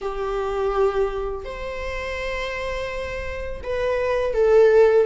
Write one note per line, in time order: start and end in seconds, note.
0.01 1.45 G4
1.45 3.61 C5
3.63 4.33 B4
4.33 5.06 A4